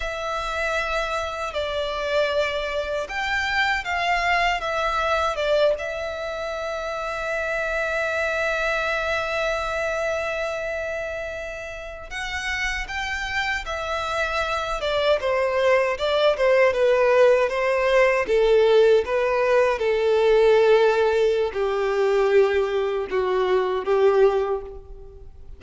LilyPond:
\new Staff \with { instrumentName = "violin" } { \time 4/4 \tempo 4 = 78 e''2 d''2 | g''4 f''4 e''4 d''8 e''8~ | e''1~ | e''2.~ e''8. fis''16~ |
fis''8. g''4 e''4. d''8 c''16~ | c''8. d''8 c''8 b'4 c''4 a'16~ | a'8. b'4 a'2~ a'16 | g'2 fis'4 g'4 | }